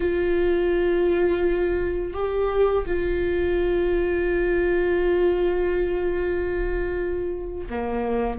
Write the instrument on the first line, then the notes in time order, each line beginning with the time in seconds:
viola
0.00 F4
2.13 G4
2.86 F4
7.69 A#3